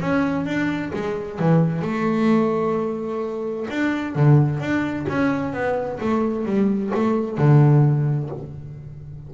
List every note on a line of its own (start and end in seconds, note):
0.00 0.46 C#4
0.46 0.92 D4
0.93 1.39 G#3
1.39 1.82 E3
1.82 3.67 A3
3.70 4.15 D4
4.15 4.60 D3
4.60 5.06 D4
5.09 5.53 C#4
5.53 5.99 B3
6.00 6.46 A3
6.46 6.92 G3
6.94 7.38 A3
7.38 8.30 D3